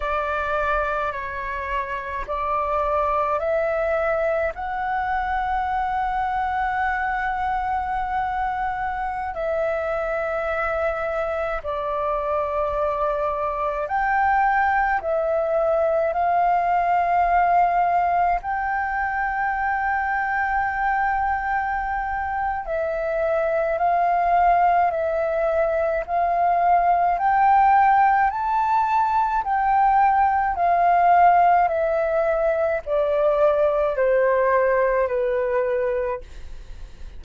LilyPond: \new Staff \with { instrumentName = "flute" } { \time 4/4 \tempo 4 = 53 d''4 cis''4 d''4 e''4 | fis''1~ | fis''16 e''2 d''4.~ d''16~ | d''16 g''4 e''4 f''4.~ f''16~ |
f''16 g''2.~ g''8. | e''4 f''4 e''4 f''4 | g''4 a''4 g''4 f''4 | e''4 d''4 c''4 b'4 | }